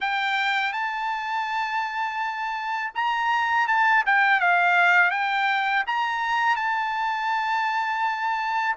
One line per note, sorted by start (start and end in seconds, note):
0.00 0.73 G5
0.73 2.92 A5
2.94 3.67 A#5
3.67 4.04 A5
4.05 4.40 G5
4.40 5.11 F5
5.11 5.84 G5
5.86 6.56 A#5
6.56 8.75 A5